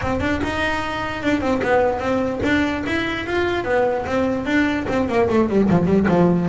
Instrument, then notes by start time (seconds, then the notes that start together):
double bass
0.01 C4
0.20 D4
0.43 D#4
1.23 D4
1.40 C4
1.62 B3
1.99 C4
2.43 D4
2.86 E4
3.26 F4
3.64 B3
4.06 C4
4.45 D4
4.88 C4
5.08 A#3
5.29 A3
5.48 G3
5.69 F3
5.86 G3
6.08 F3